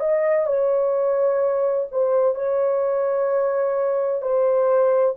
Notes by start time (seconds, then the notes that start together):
0.00 D#5
0.47 C#5
1.92 C5
2.36 C#5
4.22 C5